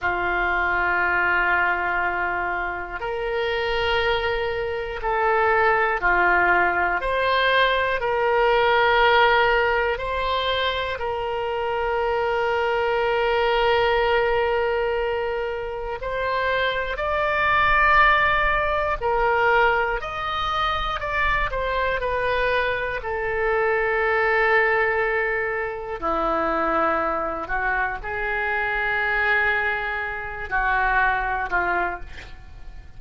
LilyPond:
\new Staff \with { instrumentName = "oboe" } { \time 4/4 \tempo 4 = 60 f'2. ais'4~ | ais'4 a'4 f'4 c''4 | ais'2 c''4 ais'4~ | ais'1 |
c''4 d''2 ais'4 | dis''4 d''8 c''8 b'4 a'4~ | a'2 e'4. fis'8 | gis'2~ gis'8 fis'4 f'8 | }